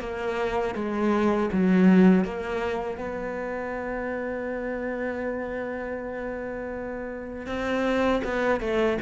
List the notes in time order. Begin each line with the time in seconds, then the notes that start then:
0.00 A#3
0.75 G#3
1.52 F#3
2.25 A#3
2.98 B3
7.47 C4
8.24 B3
8.60 A3